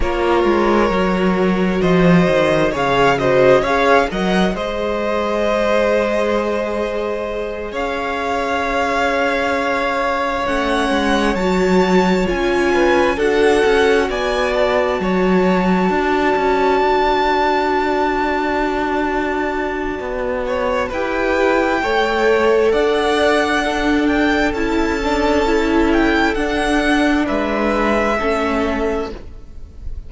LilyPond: <<
  \new Staff \with { instrumentName = "violin" } { \time 4/4 \tempo 4 = 66 cis''2 dis''4 f''8 dis''8 | f''8 fis''8 dis''2.~ | dis''8 f''2. fis''8~ | fis''8 a''4 gis''4 fis''4 gis''8 |
a''1~ | a''2. g''4~ | g''4 fis''4. g''8 a''4~ | a''8 g''8 fis''4 e''2 | }
  \new Staff \with { instrumentName = "violin" } { \time 4/4 ais'2 c''4 cis''8 c''8 | cis''8 dis''8 c''2.~ | c''8 cis''2.~ cis''8~ | cis''2 b'8 a'4 d''8~ |
d''8 cis''4 d''2~ d''8~ | d''2~ d''8 cis''8 b'4 | cis''4 d''4 a'2~ | a'2 b'4 a'4 | }
  \new Staff \with { instrumentName = "viola" } { \time 4/4 f'4 fis'2 gis'8 fis'8 | gis'8 ais'8 gis'2.~ | gis'2.~ gis'8 cis'8~ | cis'8 fis'4 f'4 fis'4.~ |
fis'1~ | fis'2. g'4 | a'2 d'4 e'8 d'8 | e'4 d'2 cis'4 | }
  \new Staff \with { instrumentName = "cello" } { \time 4/4 ais8 gis8 fis4 f8 dis8 cis4 | cis'8 fis8 gis2.~ | gis8 cis'2. a8 | gis8 fis4 cis'4 d'8 cis'8 b8~ |
b8 fis4 d'8 cis'8 d'4.~ | d'2 b4 e'4 | a4 d'2 cis'4~ | cis'4 d'4 gis4 a4 | }
>>